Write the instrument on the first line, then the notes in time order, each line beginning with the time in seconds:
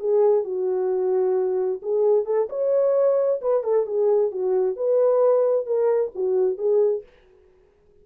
horn
0.00 G#4
0.45 F#4
1.82 G#4
2.26 A4
2.50 C#5
3.42 B4
3.64 A4
3.86 G#4
4.32 F#4
4.76 B4
5.66 A#4
6.15 F#4
6.58 G#4